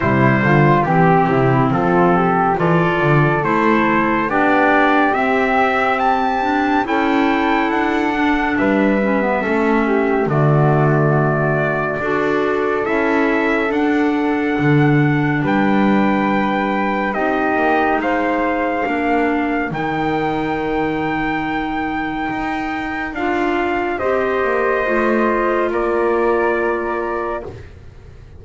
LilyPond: <<
  \new Staff \with { instrumentName = "trumpet" } { \time 4/4 \tempo 4 = 70 c''4 g'4 a'4 d''4 | c''4 d''4 e''4 a''4 | g''4 fis''4 e''2 | d''2. e''4 |
fis''2 g''2 | dis''4 f''2 g''4~ | g''2. f''4 | dis''2 d''2 | }
  \new Staff \with { instrumentName = "flute" } { \time 4/4 e'8 f'8 g'8 e'8 f'8 g'8 a'4~ | a'4 g'2. | a'2 b'4 a'8 g'8 | fis'2 a'2~ |
a'2 b'2 | g'4 c''4 ais'2~ | ais'1 | c''2 ais'2 | }
  \new Staff \with { instrumentName = "clarinet" } { \time 4/4 g4 c'2 f'4 | e'4 d'4 c'4. d'8 | e'4. d'4 cis'16 b16 cis'4 | a2 fis'4 e'4 |
d'1 | dis'2 d'4 dis'4~ | dis'2. f'4 | g'4 f'2. | }
  \new Staff \with { instrumentName = "double bass" } { \time 4/4 c8 d8 e8 c8 f4 e8 d8 | a4 b4 c'2 | cis'4 d'4 g4 a4 | d2 d'4 cis'4 |
d'4 d4 g2 | c'8 ais8 gis4 ais4 dis4~ | dis2 dis'4 d'4 | c'8 ais8 a4 ais2 | }
>>